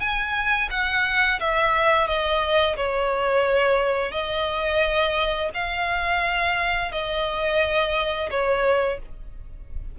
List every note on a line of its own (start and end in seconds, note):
0.00 0.69 G#5
0.71 1.39 F#5
1.40 2.07 E5
2.07 2.76 D#5
2.76 4.12 C#5
4.12 5.50 D#5
5.54 6.92 F5
6.92 8.29 D#5
8.30 8.99 C#5